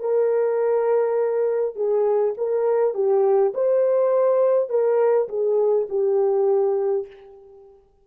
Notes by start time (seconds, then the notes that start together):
0.00 A#4
1.76 G#4
2.37 A#4
2.95 G4
3.55 C5
4.70 A#4
5.29 G#4
5.90 G4